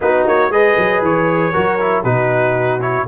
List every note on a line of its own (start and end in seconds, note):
0.01 0.26 B3
0.01 0.51 D#4
0.01 0.52 F#4
0.01 0.26 B4
0.26 0.49 A#3
0.26 0.51 C#5
0.49 0.75 G#3
0.49 1.53 G#4
0.49 1.52 B4
0.49 1.03 D#5
0.77 1.01 F#3
1.01 1.52 E3
1.01 2.03 C#5
1.52 2.04 F#3
1.52 1.79 F#4
1.52 2.03 A#4
1.79 2.04 E4
2.03 3.06 B2
2.03 2.80 D#4
2.03 3.05 F#4
2.03 2.80 B4
2.80 3.06 E4
2.80 3.07 C#5